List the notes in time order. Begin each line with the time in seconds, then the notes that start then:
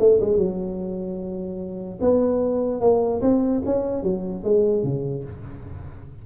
0.00 A3
0.21 G#3
0.37 F#3
2.02 B3
2.81 A#3
3.22 C4
3.66 C#4
4.04 F#3
4.44 G#3
4.84 C#3